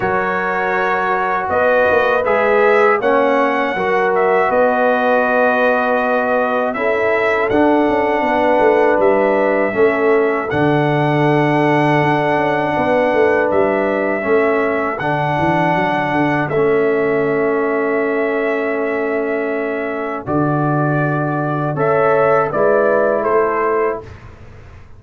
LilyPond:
<<
  \new Staff \with { instrumentName = "trumpet" } { \time 4/4 \tempo 4 = 80 cis''2 dis''4 e''4 | fis''4. e''8 dis''2~ | dis''4 e''4 fis''2 | e''2 fis''2~ |
fis''2 e''2 | fis''2 e''2~ | e''2. d''4~ | d''4 e''4 d''4 c''4 | }
  \new Staff \with { instrumentName = "horn" } { \time 4/4 ais'2 b'2 | cis''4 ais'4 b'2~ | b'4 a'2 b'4~ | b'4 a'2.~ |
a'4 b'2 a'4~ | a'1~ | a'1~ | a'4 cis''4 b'4 a'4 | }
  \new Staff \with { instrumentName = "trombone" } { \time 4/4 fis'2. gis'4 | cis'4 fis'2.~ | fis'4 e'4 d'2~ | d'4 cis'4 d'2~ |
d'2. cis'4 | d'2 cis'2~ | cis'2. fis'4~ | fis'4 a'4 e'2 | }
  \new Staff \with { instrumentName = "tuba" } { \time 4/4 fis2 b8 ais8 gis4 | ais4 fis4 b2~ | b4 cis'4 d'8 cis'8 b8 a8 | g4 a4 d2 |
d'8 cis'8 b8 a8 g4 a4 | d8 e8 fis8 d8 a2~ | a2. d4~ | d4 cis'4 gis4 a4 | }
>>